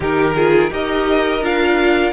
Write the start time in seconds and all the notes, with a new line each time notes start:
0.00 D#3 D#4 G4 A#4
0.34 F4 G#4
0.70 D#4 G4 A#4 D#5
1.41 D4 F4 F5